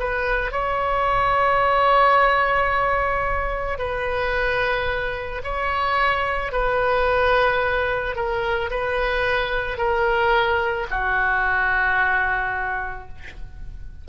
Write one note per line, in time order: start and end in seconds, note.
0.00 0.52 B4
0.52 3.78 C#5
3.78 5.42 B4
5.44 6.53 C#5
6.53 8.16 B4
8.16 8.70 A#4
8.71 9.78 B4
9.78 10.87 A#4
10.90 13.09 F#4